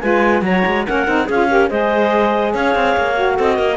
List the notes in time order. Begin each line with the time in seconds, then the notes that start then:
0.00 G#3 F4 B4 G#5
0.42 F#3 F#4 C#5 A#5
0.66 G#3
0.86 A#3 C#4 A#4 F#5
1.07 C4 D#4
1.25 C#4 G#4 F5
1.32 F4
1.49 G4 A#4
1.69 G#3 G#4 C5 D#5
2.54 C#4 C#5 F5
2.75 C4
2.97 A#3
3.14 F#4
3.35 C4 A4 D#5
3.56 A#3 A#4